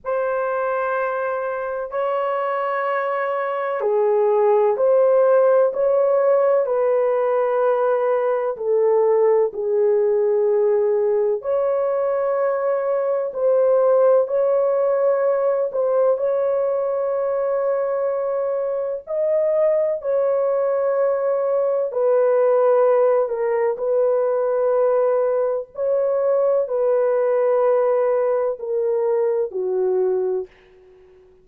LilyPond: \new Staff \with { instrumentName = "horn" } { \time 4/4 \tempo 4 = 63 c''2 cis''2 | gis'4 c''4 cis''4 b'4~ | b'4 a'4 gis'2 | cis''2 c''4 cis''4~ |
cis''8 c''8 cis''2. | dis''4 cis''2 b'4~ | b'8 ais'8 b'2 cis''4 | b'2 ais'4 fis'4 | }